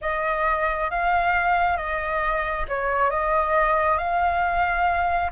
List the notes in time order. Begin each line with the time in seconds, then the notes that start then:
0.01 D#5
0.90 F5
1.77 D#5
2.68 C#5
3.10 D#5
3.98 F5